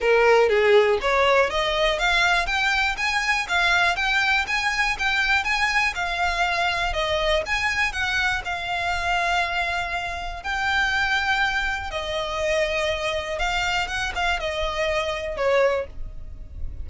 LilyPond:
\new Staff \with { instrumentName = "violin" } { \time 4/4 \tempo 4 = 121 ais'4 gis'4 cis''4 dis''4 | f''4 g''4 gis''4 f''4 | g''4 gis''4 g''4 gis''4 | f''2 dis''4 gis''4 |
fis''4 f''2.~ | f''4 g''2. | dis''2. f''4 | fis''8 f''8 dis''2 cis''4 | }